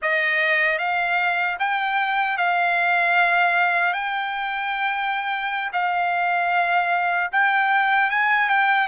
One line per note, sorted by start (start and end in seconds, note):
0.01 0.78 D#5
0.78 1.57 F5
1.59 2.37 G5
2.37 3.93 F5
3.93 5.71 G5
5.72 7.30 F5
7.32 8.10 G5
8.10 8.49 G#5
8.49 8.87 G5